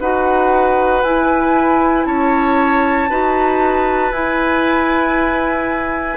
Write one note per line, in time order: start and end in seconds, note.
0.00 1.03 D#4
0.00 1.04 F#4
0.00 2.07 B4
0.00 1.03 F#5
1.03 2.06 E4
1.03 3.10 E4
1.03 2.06 G#5
2.06 3.09 C#4
2.06 3.09 C#5
2.06 4.12 A5
3.09 4.11 D#4
3.09 4.13 F#4
3.09 6.17 B4
4.11 6.17 E4
4.11 6.17 G#5